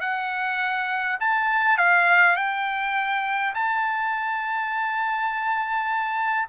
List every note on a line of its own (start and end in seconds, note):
0.00 1.18 F#5
1.20 1.77 A5
1.77 2.36 F5
2.36 3.53 G5
3.54 6.48 A5